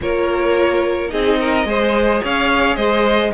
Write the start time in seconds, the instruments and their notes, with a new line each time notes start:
0.01 cello A#3, viola F4, violin A#4 C#5
1.09 cello C4, viola D#4, violin G#4 D#5
1.39 violin A#4
1.65 cello G#3, viola G#4, violin C5
2.23 cello C#4, violin C#5 F5
2.75 cello G#3, violin C5 D#5